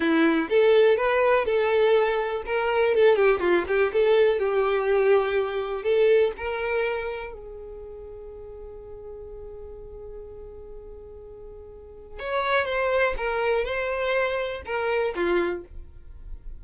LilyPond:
\new Staff \with { instrumentName = "violin" } { \time 4/4 \tempo 4 = 123 e'4 a'4 b'4 a'4~ | a'4 ais'4 a'8 g'8 f'8 g'8 | a'4 g'2. | a'4 ais'2 gis'4~ |
gis'1~ | gis'1~ | gis'4 cis''4 c''4 ais'4 | c''2 ais'4 f'4 | }